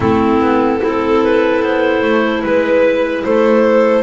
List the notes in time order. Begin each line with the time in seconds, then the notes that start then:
0.00 A3 C4 E4 A4
0.40 B3
0.80 C4 E4 A4
1.23 B4
1.62 B3 C5
2.02 A3
2.42 G#3 B4
3.24 A3 A4 C5